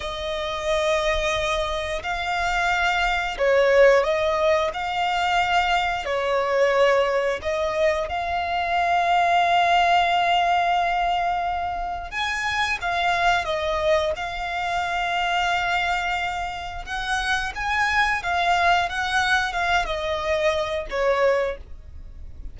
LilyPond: \new Staff \with { instrumentName = "violin" } { \time 4/4 \tempo 4 = 89 dis''2. f''4~ | f''4 cis''4 dis''4 f''4~ | f''4 cis''2 dis''4 | f''1~ |
f''2 gis''4 f''4 | dis''4 f''2.~ | f''4 fis''4 gis''4 f''4 | fis''4 f''8 dis''4. cis''4 | }